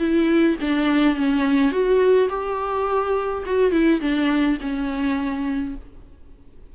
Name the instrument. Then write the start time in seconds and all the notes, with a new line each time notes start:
viola
0.00 E4
0.62 D4
1.16 C#4
1.72 F#4
2.30 G4
3.46 F#4
3.72 E4
4.01 D4
4.61 C#4